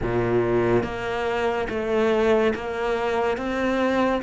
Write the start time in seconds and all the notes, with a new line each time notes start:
0.02 A#2
0.83 A#3
1.69 A3
2.54 A#3
3.36 C4